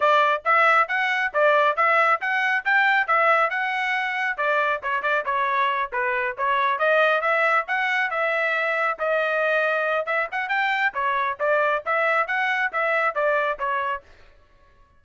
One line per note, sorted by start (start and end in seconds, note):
0.00 0.42 D5
0.45 0.88 E5
0.88 1.31 F#5
1.33 1.76 D5
1.76 2.20 E5
2.20 2.64 F#5
2.64 3.07 G5
3.07 3.50 E5
3.50 4.37 F#5
4.37 4.81 D5
4.82 5.02 C#5
5.02 5.24 D5
5.25 5.90 C#5
5.92 6.36 B4
6.37 6.78 C#5
6.78 7.21 D#5
7.21 7.64 E5
7.67 8.10 F#5
8.10 8.98 E5
8.98 10.06 D#5
10.06 10.27 E5
10.31 10.49 F#5
10.49 10.92 G5
10.93 11.37 C#5
11.39 11.83 D5
11.85 12.27 E5
12.27 12.71 F#5
12.72 13.14 E5
13.14 13.58 D5
13.58 14.02 C#5